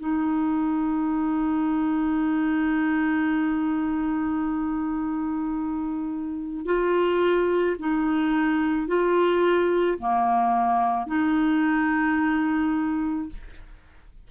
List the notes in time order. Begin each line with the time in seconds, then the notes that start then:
0.00 D#4
6.66 F4
7.79 D#4
8.87 F4
9.99 A#3
11.07 D#4